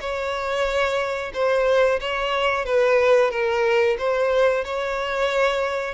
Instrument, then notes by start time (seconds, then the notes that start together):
violin
0.00 C#5
1.34 C5
2.00 C#5
2.65 B4
3.31 A#4
3.98 C5
4.65 C#5